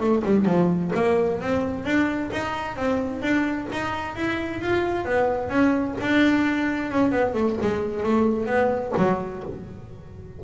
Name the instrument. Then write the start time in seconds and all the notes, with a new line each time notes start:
double bass
0.00 A3
0.25 G3
0.46 F3
0.95 A#3
1.41 C4
1.85 D4
2.32 D#4
2.76 C4
3.22 D4
3.72 D#4
4.16 E4
4.61 F4
5.05 B3
5.49 C#4
6.01 D4
6.92 C#4
7.12 B3
7.34 A3
7.61 G#3
8.03 A3
8.46 B3
8.98 F#3